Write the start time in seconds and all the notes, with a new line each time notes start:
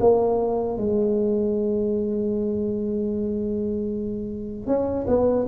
0.00 A#3
0.77 G#3
4.67 C#4
5.07 B3